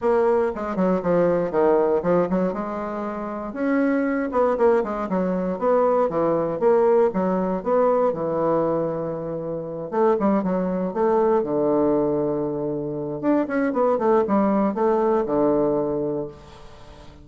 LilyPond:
\new Staff \with { instrumentName = "bassoon" } { \time 4/4 \tempo 4 = 118 ais4 gis8 fis8 f4 dis4 | f8 fis8 gis2 cis'4~ | cis'8 b8 ais8 gis8 fis4 b4 | e4 ais4 fis4 b4 |
e2.~ e8 a8 | g8 fis4 a4 d4.~ | d2 d'8 cis'8 b8 a8 | g4 a4 d2 | }